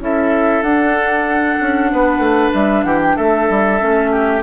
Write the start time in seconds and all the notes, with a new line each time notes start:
0.00 C#4 E4 A4 E5
0.62 D4 F#5
1.61 C#4
1.92 B3 B4
2.19 A3
2.54 G3 E5
2.83 E3 G4 F#5
3.03 G5
3.16 A3 A4 E5
3.50 G3
3.80 A3 C#4
4.12 G4